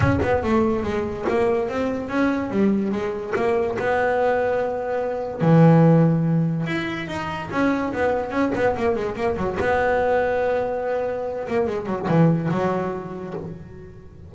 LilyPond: \new Staff \with { instrumentName = "double bass" } { \time 4/4 \tempo 4 = 144 cis'8 b8 a4 gis4 ais4 | c'4 cis'4 g4 gis4 | ais4 b2.~ | b4 e2. |
e'4 dis'4 cis'4 b4 | cis'8 b8 ais8 gis8 ais8 fis8 b4~ | b2.~ b8 ais8 | gis8 fis8 e4 fis2 | }